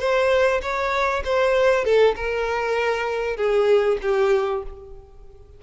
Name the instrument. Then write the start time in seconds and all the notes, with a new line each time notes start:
violin
0.00 C5
0.62 C#5
1.25 C5
1.85 A4
2.16 A#4
3.37 G#4
4.02 G4